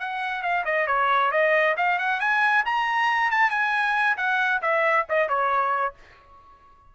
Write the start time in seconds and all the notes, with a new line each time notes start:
0.00 F#5
0.43 F5
0.66 D#5
0.88 C#5
1.32 D#5
1.77 F5
1.99 F#5
2.21 G#5
2.66 A#5
3.31 A5
3.51 G#5
4.18 F#5
4.62 E5
5.10 D#5
5.29 C#5